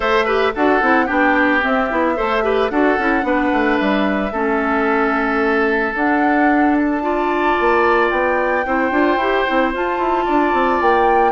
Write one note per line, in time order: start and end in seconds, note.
0.00 0.54 A3
0.00 0.25 A4
0.00 0.24 C5
0.00 0.54 E5
0.24 0.53 G4
0.24 0.51 B4
0.54 0.81 D4
0.54 0.81 F#4
0.54 1.06 A4
0.54 1.07 F#5
0.81 1.08 C4
0.81 1.06 E4
1.06 1.64 B3
1.06 1.60 D4
1.06 2.14 G4
1.06 1.61 G5
1.60 1.87 C4
1.60 1.91 C4
1.60 2.69 E5
1.90 2.18 B3
1.90 2.15 E4
2.15 2.70 A3
2.15 2.42 A4
2.15 2.43 C5
2.43 2.70 G4
2.43 2.71 B4
2.69 2.97 D4
2.69 2.98 F#4
2.69 3.25 A4
2.69 3.77 F#5
2.98 3.23 C#4
2.98 3.22 E4
3.22 3.50 B3
3.22 4.30 D4
3.22 4.32 B4
3.52 3.79 A3
3.77 4.31 G3
3.77 5.94 E5
4.31 5.94 A3
4.31 5.95 C#4
4.31 7.02 A4
5.94 7.56 D4
5.94 7.01 D4
5.94 6.76 F#5
6.78 8.09 A5
7.01 8.63 F4
7.01 8.66 D5
7.59 8.11 A#3
8.09 8.65 B3
8.09 9.72 G5
8.65 8.91 C4
8.65 8.91 E4
8.65 10.25 C5
8.91 9.16 D4
8.91 9.18 F4
9.16 9.43 E4
9.16 9.46 G4
9.46 9.74 C4
9.46 9.73 E4
9.73 11.32 F4
9.73 9.98 F4
9.73 10.81 A5
9.98 10.25 E4
10.25 10.53 D4
10.25 11.32 D5
10.53 10.80 C4
10.81 11.32 A#3
10.81 11.32 G5